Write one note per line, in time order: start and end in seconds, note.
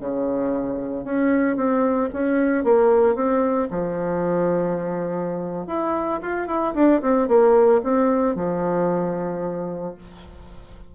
0.00 1.04 C#3
1.04 1.56 C#4
1.56 2.09 C4
2.13 2.64 C#4
2.64 3.15 A#3
3.15 3.68 C4
3.71 5.67 F3
5.67 6.20 E4
6.22 6.47 F4
6.47 6.74 E4
6.75 7.01 D4
7.02 7.28 C4
7.28 7.81 A#3
7.83 8.36 C4
8.36 9.95 F3